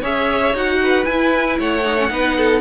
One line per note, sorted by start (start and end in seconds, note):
0.00 0.54 C#4
0.00 0.54 G#4
0.00 0.78 C#5
0.00 0.56 E5
0.54 1.06 D#4
0.54 1.04 F#4
0.54 1.05 F#5
0.83 1.59 B4
1.04 1.82 E4
1.04 1.59 E4
1.04 1.56 G#5
1.59 2.10 A3
1.59 2.11 C#5
1.59 2.61 F#5
1.85 1.98 D#4
1.98 2.10 C#4
2.10 2.61 B3
2.10 2.61 D#4
2.10 2.37 B4
2.37 2.61 A4